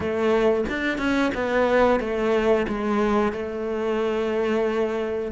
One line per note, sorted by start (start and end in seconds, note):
0.00 0.64 A3
0.69 0.98 D4
0.98 1.31 C#4
1.34 1.99 B3
1.99 2.66 A3
2.68 3.32 G#3
3.32 5.32 A3